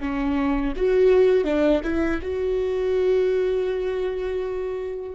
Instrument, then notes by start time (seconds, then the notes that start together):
viola
0.00 C#4
0.76 F#4
1.45 D4
1.84 E4
2.22 F#4